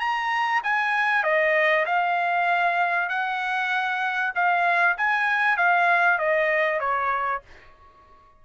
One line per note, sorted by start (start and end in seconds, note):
0.00 0.62 A#5
0.64 1.24 G#5
1.24 1.86 D#5
1.86 3.09 F5
3.09 4.33 F#5
4.35 4.97 F5
4.98 5.57 G#5
5.57 6.19 F5
6.19 6.80 D#5
6.80 7.42 C#5